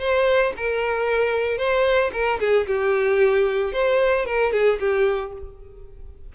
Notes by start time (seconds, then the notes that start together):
0.00 C5
0.56 A#4
1.58 C5
2.13 A#4
2.40 G#4
2.67 G4
3.72 C5
4.26 A#4
4.53 G#4
4.80 G4